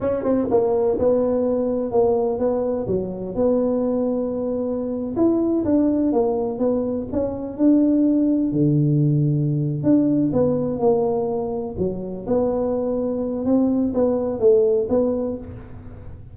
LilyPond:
\new Staff \with { instrumentName = "tuba" } { \time 4/4 \tempo 4 = 125 cis'8 c'8 ais4 b2 | ais4 b4 fis4 b4~ | b2~ b8. e'4 d'16~ | d'8. ais4 b4 cis'4 d'16~ |
d'4.~ d'16 d2~ d16~ | d8 d'4 b4 ais4.~ | ais8 fis4 b2~ b8 | c'4 b4 a4 b4 | }